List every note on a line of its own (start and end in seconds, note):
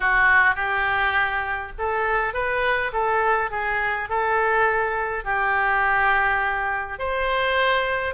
0.00 0.55 F#4
0.55 1.72 G4
1.78 2.33 A4
2.33 2.91 B4
2.92 3.51 A4
3.51 4.09 G#4
4.09 5.24 A4
5.24 6.98 G4
6.98 8.14 C5